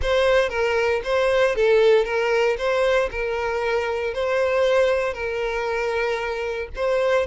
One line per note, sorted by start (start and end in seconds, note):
0.02 0.49 C5
0.49 1.01 A#4
1.03 1.55 C5
1.55 2.05 A4
2.05 2.56 A#4
2.57 3.09 C5
3.11 4.14 A#4
4.14 5.13 C5
5.13 6.68 A#4
6.75 7.26 C5